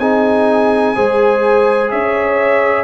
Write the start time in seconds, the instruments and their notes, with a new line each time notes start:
0.00 tuba C4, trombone D#4, horn G#4, trumpet G#5
0.96 tuba G#3, trombone G#4, horn C5
1.91 tuba C#4, horn C#5, trumpet E5